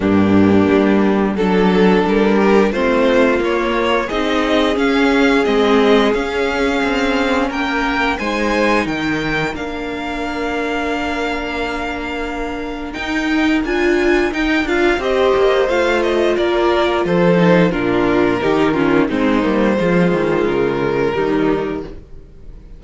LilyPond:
<<
  \new Staff \with { instrumentName = "violin" } { \time 4/4 \tempo 4 = 88 g'2 a'4 ais'4 | c''4 cis''4 dis''4 f''4 | dis''4 f''2 g''4 | gis''4 g''4 f''2~ |
f''2. g''4 | gis''4 g''8 f''8 dis''4 f''8 dis''8 | d''4 c''4 ais'2 | c''2 ais'2 | }
  \new Staff \with { instrumentName = "violin" } { \time 4/4 d'2 a'4. g'8 | f'2 gis'2~ | gis'2. ais'4 | c''4 ais'2.~ |
ais'1~ | ais'2 c''2 | ais'4 a'4 f'4 g'8 f'8 | dis'4 f'2 dis'4 | }
  \new Staff \with { instrumentName = "viola" } { \time 4/4 ais2 d'2 | c'4 ais4 dis'4 cis'4 | c'4 cis'2. | dis'2 d'2~ |
d'2. dis'4 | f'4 dis'8 f'8 g'4 f'4~ | f'4. dis'8 d'4 dis'8 cis'8 | c'8 ais8 gis2 g4 | }
  \new Staff \with { instrumentName = "cello" } { \time 4/4 g,4 g4 fis4 g4 | a4 ais4 c'4 cis'4 | gis4 cis'4 c'4 ais4 | gis4 dis4 ais2~ |
ais2. dis'4 | d'4 dis'8 d'8 c'8 ais8 a4 | ais4 f4 ais,4 dis4 | gis8 g8 f8 dis8 cis4 dis4 | }
>>